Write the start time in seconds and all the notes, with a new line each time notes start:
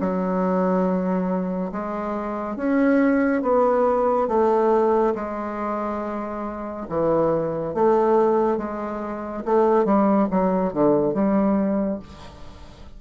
0.00 F#3
1.71 G#3
2.56 C#4
3.42 B3
4.28 A3
5.15 G#3
6.88 E3
7.74 A3
8.57 G#3
9.45 A3
9.85 G3
10.31 F#3
10.73 D3
11.14 G3